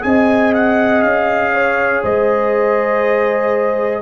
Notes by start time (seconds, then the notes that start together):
0.00 C4 G#4 D#5 G#5
0.54 F#5
1.02 C#4 F5
1.53 C#5
2.03 G#3 C5 D#5